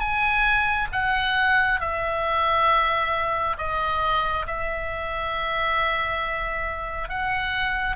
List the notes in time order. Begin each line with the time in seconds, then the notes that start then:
0.00 G#5
0.92 F#5
1.80 E5
3.58 D#5
4.47 E5
7.09 F#5